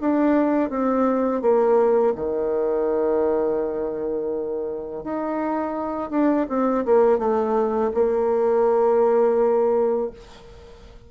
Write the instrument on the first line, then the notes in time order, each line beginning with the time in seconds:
bassoon
0.00 D4
0.70 C4
1.41 A#3
2.15 D#3
5.03 D#4
6.10 D4
6.48 C4
6.85 A#3
7.18 A3
7.94 A#3